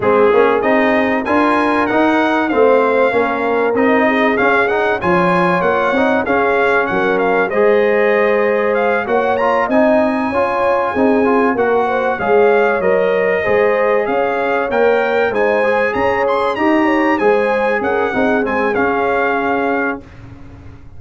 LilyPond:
<<
  \new Staff \with { instrumentName = "trumpet" } { \time 4/4 \tempo 4 = 96 gis'4 dis''4 gis''4 fis''4 | f''2 dis''4 f''8 fis''8 | gis''4 fis''4 f''4 fis''8 f''8 | dis''2 f''8 fis''8 ais''8 gis''8~ |
gis''2~ gis''8 fis''4 f''8~ | f''8 dis''2 f''4 g''8~ | g''8 gis''4 ais''8 c'''8 ais''4 gis''8~ | gis''8 fis''4 gis''8 f''2 | }
  \new Staff \with { instrumentName = "horn" } { \time 4/4 gis'2 ais'2 | c''4 ais'4. gis'4. | cis''2 gis'4 ais'4 | c''2~ c''8 cis''4 dis''8~ |
dis''8 cis''4 gis'4 ais'8 c''8 cis''8~ | cis''4. c''4 cis''4.~ | cis''8 c''4 cis''4 dis''8 cis''8 c''8~ | c''8 ais'8 gis'2. | }
  \new Staff \with { instrumentName = "trombone" } { \time 4/4 c'8 cis'8 dis'4 f'4 dis'4 | c'4 cis'4 dis'4 cis'8 dis'8 | f'4. dis'8 cis'2 | gis'2~ gis'8 fis'8 f'8 dis'8~ |
dis'8 f'4 dis'8 f'8 fis'4 gis'8~ | gis'8 ais'4 gis'2 ais'8~ | ais'8 dis'8 gis'4. g'4 gis'8~ | gis'4 dis'8 c'8 cis'2 | }
  \new Staff \with { instrumentName = "tuba" } { \time 4/4 gis8 ais8 c'4 d'4 dis'4 | a4 ais4 c'4 cis'4 | f4 ais8 c'8 cis'4 fis4 | gis2~ gis8 ais4 c'8~ |
c'8 cis'4 c'4 ais4 gis8~ | gis8 fis4 gis4 cis'4 ais8~ | ais8 gis4 cis'4 dis'4 gis8~ | gis8 cis'8 c'8 gis8 cis'2 | }
>>